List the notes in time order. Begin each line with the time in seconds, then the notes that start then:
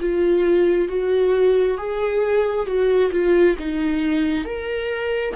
0.00 F4
0.88 F#4
1.77 G#4
2.66 F#4
3.11 F4
3.59 D#4
4.45 A#4